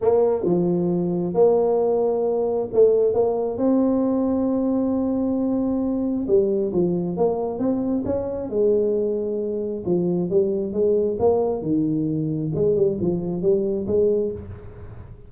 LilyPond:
\new Staff \with { instrumentName = "tuba" } { \time 4/4 \tempo 4 = 134 ais4 f2 ais4~ | ais2 a4 ais4 | c'1~ | c'2 g4 f4 |
ais4 c'4 cis'4 gis4~ | gis2 f4 g4 | gis4 ais4 dis2 | gis8 g8 f4 g4 gis4 | }